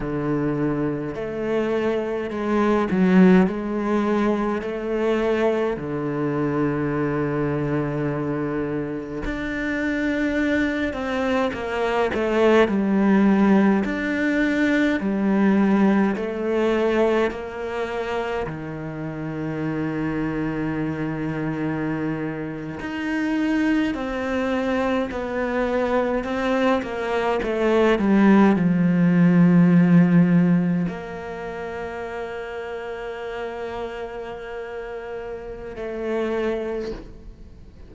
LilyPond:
\new Staff \with { instrumentName = "cello" } { \time 4/4 \tempo 4 = 52 d4 a4 gis8 fis8 gis4 | a4 d2. | d'4. c'8 ais8 a8 g4 | d'4 g4 a4 ais4 |
dis2.~ dis8. dis'16~ | dis'8. c'4 b4 c'8 ais8 a16~ | a16 g8 f2 ais4~ ais16~ | ais2. a4 | }